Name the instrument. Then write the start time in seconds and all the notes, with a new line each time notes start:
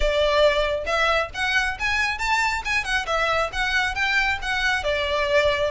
violin
0.00 D5
0.86 E5
1.34 F#5
1.79 G#5
2.18 A5
2.64 G#5
2.84 F#5
3.06 E5
3.52 F#5
3.94 G5
4.42 F#5
4.83 D5